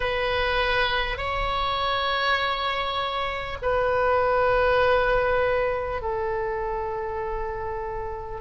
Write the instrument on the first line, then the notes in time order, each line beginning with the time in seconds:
oboe
0.00 B4
1.17 C#5
3.62 B4
6.01 A4